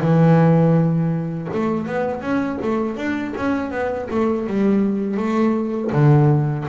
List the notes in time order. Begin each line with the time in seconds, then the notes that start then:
0.00 E3
1.53 A3
1.87 B3
2.21 C#4
2.62 A3
2.97 D4
3.37 C#4
3.71 B3
4.10 A3
4.47 G3
5.17 A3
5.92 D3